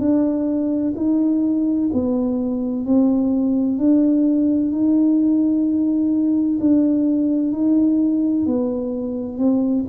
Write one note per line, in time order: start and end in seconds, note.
0.00 0.94 D4
0.96 1.90 D#4
1.93 2.86 B3
2.86 3.79 C4
3.79 4.72 D4
4.72 6.60 D#4
6.61 7.53 D4
7.53 8.47 D#4
8.47 9.38 B3
9.38 9.85 C4